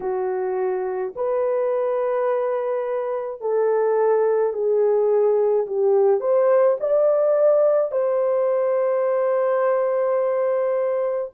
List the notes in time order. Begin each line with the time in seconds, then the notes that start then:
0.00 F#4
1.15 B4
3.41 A4
4.53 G#4
5.66 G4
6.20 C5
6.79 D5
7.91 C5